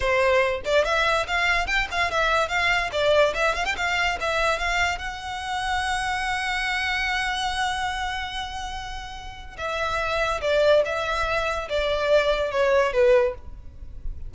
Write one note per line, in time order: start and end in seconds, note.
0.00 0.61 C5
0.64 0.84 D5
0.84 1.26 E5
1.27 1.66 F5
1.66 1.87 G5
1.91 2.10 F5
2.10 2.48 E5
2.48 2.90 F5
2.91 3.33 D5
3.34 3.54 E5
3.54 3.65 F5
3.65 3.75 G5
3.77 4.18 F5
4.20 4.59 E5
4.59 4.98 F5
4.98 9.56 F#5
9.57 10.40 E5
10.41 10.82 D5
10.85 11.68 E5
11.69 12.51 D5
12.51 12.92 C#5
12.92 13.34 B4